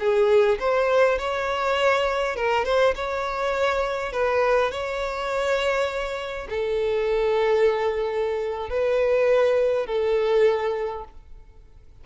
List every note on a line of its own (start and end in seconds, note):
0.00 0.59 G#4
0.60 1.19 C5
1.19 2.36 C#5
2.36 2.65 A#4
2.65 2.95 C5
2.96 4.13 C#5
4.13 4.72 B4
4.72 6.48 C#5
6.50 8.70 A4
8.70 9.87 B4
9.87 11.05 A4